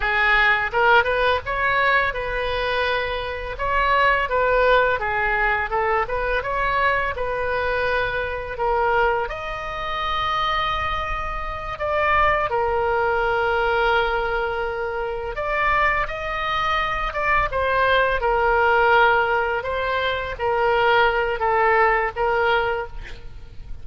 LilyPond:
\new Staff \with { instrumentName = "oboe" } { \time 4/4 \tempo 4 = 84 gis'4 ais'8 b'8 cis''4 b'4~ | b'4 cis''4 b'4 gis'4 | a'8 b'8 cis''4 b'2 | ais'4 dis''2.~ |
dis''8 d''4 ais'2~ ais'8~ | ais'4. d''4 dis''4. | d''8 c''4 ais'2 c''8~ | c''8 ais'4. a'4 ais'4 | }